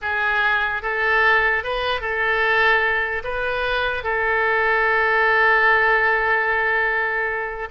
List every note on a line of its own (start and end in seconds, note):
0.01 0.82 G#4
0.82 1.63 A4
1.63 2.01 B4
2.01 3.22 A4
3.24 4.03 B4
4.03 7.68 A4